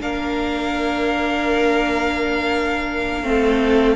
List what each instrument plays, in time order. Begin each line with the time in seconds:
0.00 cello A#3, viola D4, violin A#4 F5
3.23 cello A3, viola C4, violin A4